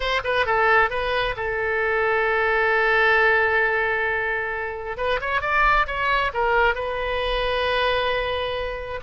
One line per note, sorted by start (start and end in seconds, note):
0.00 0.20 C5
0.24 0.46 B4
0.46 0.90 A4
0.90 1.35 B4
1.36 4.97 A4
4.97 5.19 B4
5.20 5.41 C#5
5.41 5.86 D5
5.86 6.31 C#5
6.33 6.74 A#4
6.74 9.00 B4